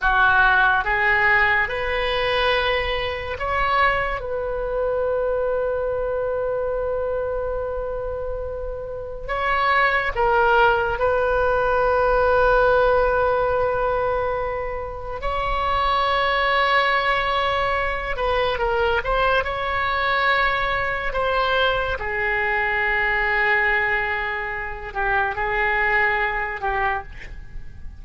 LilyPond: \new Staff \with { instrumentName = "oboe" } { \time 4/4 \tempo 4 = 71 fis'4 gis'4 b'2 | cis''4 b'2.~ | b'2. cis''4 | ais'4 b'2.~ |
b'2 cis''2~ | cis''4. b'8 ais'8 c''8 cis''4~ | cis''4 c''4 gis'2~ | gis'4. g'8 gis'4. g'8 | }